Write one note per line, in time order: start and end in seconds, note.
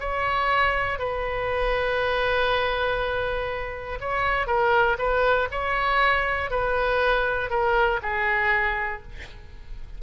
0.00 0.99 C#5
0.99 3.99 B4
4.00 4.47 C#5
4.47 4.97 A#4
4.98 5.48 B4
5.51 6.50 C#5
6.50 7.50 B4
7.50 8.00 A#4
8.03 9.03 G#4